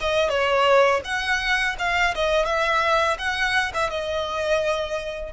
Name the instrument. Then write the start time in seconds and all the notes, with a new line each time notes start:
violin
0.00 D#5
0.29 C#5
1.04 F#5
1.79 F5
2.14 D#5
2.45 E5
3.18 F#5
3.74 E5
3.90 D#5